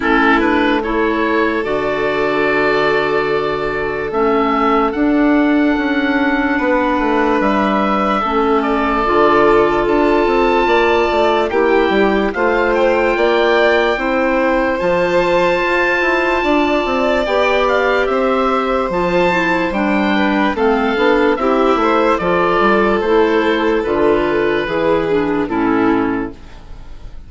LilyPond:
<<
  \new Staff \with { instrumentName = "oboe" } { \time 4/4 \tempo 4 = 73 a'8 b'8 cis''4 d''2~ | d''4 e''4 fis''2~ | fis''4 e''4. d''4. | a''2 g''4 f''8 g''8~ |
g''2 a''2~ | a''4 g''8 f''8 e''4 a''4 | g''4 f''4 e''4 d''4 | c''4 b'2 a'4 | }
  \new Staff \with { instrumentName = "violin" } { \time 4/4 e'4 a'2.~ | a'1 | b'2 a'2~ | a'4 d''4 g'4 c''4 |
d''4 c''2. | d''2 c''2~ | c''8 b'8 a'4 g'8 c''8 a'4~ | a'2 gis'4 e'4 | }
  \new Staff \with { instrumentName = "clarinet" } { \time 4/4 cis'8 d'8 e'4 fis'2~ | fis'4 cis'4 d'2~ | d'2 cis'4 f'4~ | f'2 e'4 f'4~ |
f'4 e'4 f'2~ | f'4 g'2 f'8 e'8 | d'4 c'8 d'8 e'4 f'4 | e'4 f'4 e'8 d'8 cis'4 | }
  \new Staff \with { instrumentName = "bassoon" } { \time 4/4 a2 d2~ | d4 a4 d'4 cis'4 | b8 a8 g4 a4 d4 | d'8 c'8 ais8 a8 ais8 g8 a4 |
ais4 c'4 f4 f'8 e'8 | d'8 c'8 b4 c'4 f4 | g4 a8 b8 c'8 a8 f8 g8 | a4 d4 e4 a,4 | }
>>